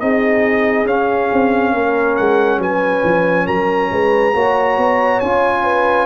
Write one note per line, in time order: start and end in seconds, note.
0.00 0.86 C4
0.00 0.86 D#4
0.00 1.72 G#4
0.00 0.87 D#5
0.86 1.29 C#4
0.86 4.34 C#4
0.86 2.16 F5
1.33 1.74 C4
1.72 2.18 A#3
1.72 2.59 A#4
2.16 2.58 G#3
2.16 2.60 F#5
2.58 3.02 F#3
2.58 3.46 B4
2.58 3.47 G#5
3.04 3.47 F3
3.46 3.91 F#3
3.46 3.90 A#4
3.46 5.20 A#5
3.91 4.34 G#3
3.91 4.35 B4
4.34 4.78 A#3
4.34 5.22 F#4
4.34 5.64 C#5
4.78 5.21 B3
5.20 6.06 C#4
5.20 6.06 F4
5.20 6.06 G#5
5.64 6.06 B4